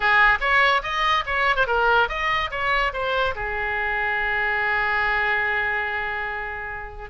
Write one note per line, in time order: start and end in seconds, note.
0.00 0.38 G#4
0.40 0.81 C#5
0.82 1.24 D#5
1.26 1.55 C#5
1.55 1.66 C5
1.67 2.08 A#4
2.09 2.50 D#5
2.50 2.92 C#5
2.93 3.34 C5
3.35 7.10 G#4